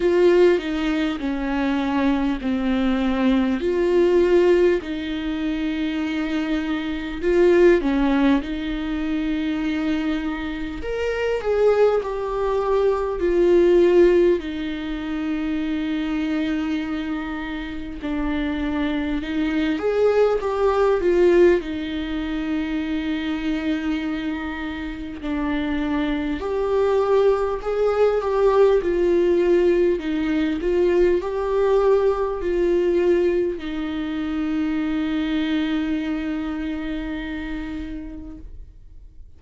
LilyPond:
\new Staff \with { instrumentName = "viola" } { \time 4/4 \tempo 4 = 50 f'8 dis'8 cis'4 c'4 f'4 | dis'2 f'8 cis'8 dis'4~ | dis'4 ais'8 gis'8 g'4 f'4 | dis'2. d'4 |
dis'8 gis'8 g'8 f'8 dis'2~ | dis'4 d'4 g'4 gis'8 g'8 | f'4 dis'8 f'8 g'4 f'4 | dis'1 | }